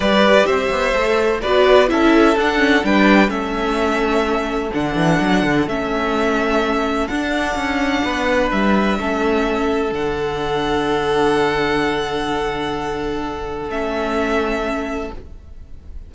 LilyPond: <<
  \new Staff \with { instrumentName = "violin" } { \time 4/4 \tempo 4 = 127 d''4 e''2 d''4 | e''4 fis''4 g''4 e''4~ | e''2 fis''2 | e''2. fis''4~ |
fis''2 e''2~ | e''4 fis''2.~ | fis''1~ | fis''4 e''2. | }
  \new Staff \with { instrumentName = "violin" } { \time 4/4 b'4 c''2 b'4 | a'2 b'4 a'4~ | a'1~ | a'1~ |
a'4 b'2 a'4~ | a'1~ | a'1~ | a'1 | }
  \new Staff \with { instrumentName = "viola" } { \time 4/4 g'2 a'4 fis'4 | e'4 d'8 cis'8 d'4 cis'4~ | cis'2 d'2 | cis'2. d'4~ |
d'2. cis'4~ | cis'4 d'2.~ | d'1~ | d'4 cis'2. | }
  \new Staff \with { instrumentName = "cello" } { \time 4/4 g4 c'8 b8 a4 b4 | cis'4 d'4 g4 a4~ | a2 d8 e8 fis8 d8 | a2. d'4 |
cis'4 b4 g4 a4~ | a4 d2.~ | d1~ | d4 a2. | }
>>